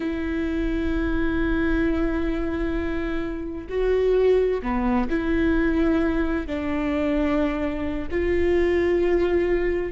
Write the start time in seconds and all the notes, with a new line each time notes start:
0.00 E4
3.69 F#4
4.62 B3
5.09 E4
6.47 D4
8.10 F4